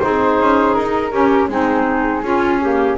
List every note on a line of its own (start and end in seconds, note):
0.00 0.40 C4
0.00 1.11 D#4
0.00 1.12 G#4
0.00 0.74 C5
0.40 0.77 C#4
0.74 1.12 D#4
0.74 1.48 A#4
1.12 1.49 C#4
1.12 1.48 C#4
1.12 1.49 G4
1.48 2.23 G#3
1.48 2.23 C4
1.48 2.24 D#4
1.48 2.97 G#4
2.23 2.97 C#4
2.23 2.61 C#4
2.23 2.61 F4
2.61 2.98 A#3
2.61 2.98 G4